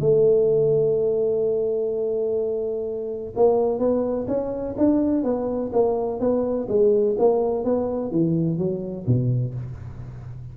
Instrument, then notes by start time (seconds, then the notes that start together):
tuba
0.00 A3
3.36 A#3
3.79 B3
4.27 C#4
4.77 D4
5.24 B3
5.73 A#3
6.20 B3
6.68 G#3
7.18 A#3
7.64 B3
8.11 E3
8.58 F#3
9.07 B2